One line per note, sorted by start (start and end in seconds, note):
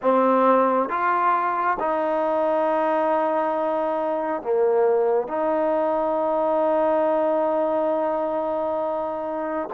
0.02 0.89 C4
0.89 1.77 F4
1.79 4.42 D#4
4.42 5.27 A#3
5.27 9.68 D#4